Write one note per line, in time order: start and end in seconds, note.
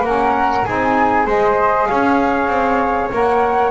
0.00 0.61 A#3
0.00 0.65 C#4
0.00 0.65 A#4
0.00 0.64 F#5
0.64 1.26 C4
0.64 1.26 D#4
0.64 1.26 G#4
0.64 1.26 G#5
1.26 1.87 G#3
1.26 3.10 G#4
1.26 1.87 C5
1.26 1.86 D#5
1.86 2.47 C#4
1.86 3.71 C#5
1.86 3.09 F5
2.47 3.08 C4
3.12 3.71 A#3
3.12 3.71 A#4
3.12 3.71 F#5